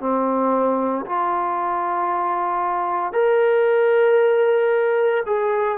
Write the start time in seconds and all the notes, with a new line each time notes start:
0.00 C4
1.06 F4
3.12 A#4
5.26 G#4